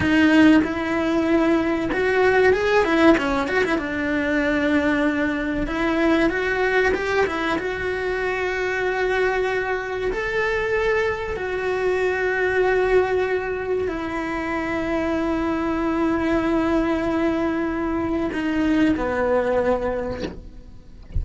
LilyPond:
\new Staff \with { instrumentName = "cello" } { \time 4/4 \tempo 4 = 95 dis'4 e'2 fis'4 | gis'8 e'8 cis'8 fis'16 e'16 d'2~ | d'4 e'4 fis'4 g'8 e'8 | fis'1 |
a'2 fis'2~ | fis'2 e'2~ | e'1~ | e'4 dis'4 b2 | }